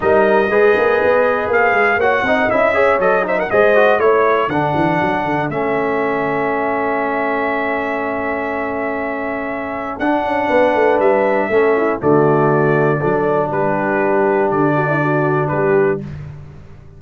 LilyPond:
<<
  \new Staff \with { instrumentName = "trumpet" } { \time 4/4 \tempo 4 = 120 dis''2. f''4 | fis''4 e''4 dis''8 e''16 fis''16 dis''4 | cis''4 fis''2 e''4~ | e''1~ |
e''1 | fis''2 e''2 | d''2. b'4~ | b'4 d''2 b'4 | }
  \new Staff \with { instrumentName = "horn" } { \time 4/4 ais'4 b'2. | cis''8 dis''4 cis''4 c''16 ais'16 c''4 | cis''4 a'2.~ | a'1~ |
a'1~ | a'4 b'2 a'8 e'8 | fis'2 a'4 g'4~ | g'4. fis'16 e'16 fis'4 g'4 | }
  \new Staff \with { instrumentName = "trombone" } { \time 4/4 dis'4 gis'2. | fis'8 dis'8 e'8 gis'8 a'8 dis'8 gis'8 fis'8 | e'4 d'2 cis'4~ | cis'1~ |
cis'1 | d'2. cis'4 | a2 d'2~ | d'1 | }
  \new Staff \with { instrumentName = "tuba" } { \time 4/4 g4 gis8 ais8 b4 ais8 gis8 | ais8 c'8 cis'4 fis4 gis4 | a4 d8 e8 fis8 d8 a4~ | a1~ |
a1 | d'8 cis'8 b8 a8 g4 a4 | d2 fis4 g4~ | g4 d2 g4 | }
>>